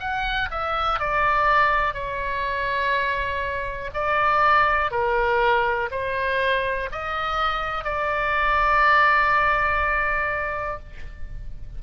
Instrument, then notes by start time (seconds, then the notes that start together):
oboe
0.00 F#5
0.51 E5
1.00 D5
1.94 C#5
3.94 D5
4.91 A#4
5.92 C5
6.92 D#5
7.84 D5